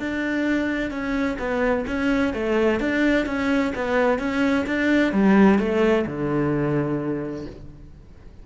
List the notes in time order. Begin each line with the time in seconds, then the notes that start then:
0.00 D4
0.91 C#4
1.39 B3
1.88 C#4
2.34 A3
2.80 D4
3.27 C#4
3.76 B3
4.19 C#4
4.67 D4
5.13 G3
5.59 A3
6.07 D3